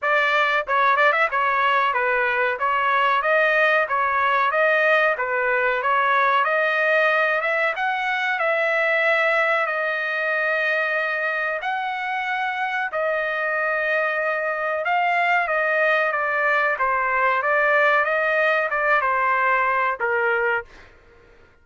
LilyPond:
\new Staff \with { instrumentName = "trumpet" } { \time 4/4 \tempo 4 = 93 d''4 cis''8 d''16 e''16 cis''4 b'4 | cis''4 dis''4 cis''4 dis''4 | b'4 cis''4 dis''4. e''8 | fis''4 e''2 dis''4~ |
dis''2 fis''2 | dis''2. f''4 | dis''4 d''4 c''4 d''4 | dis''4 d''8 c''4. ais'4 | }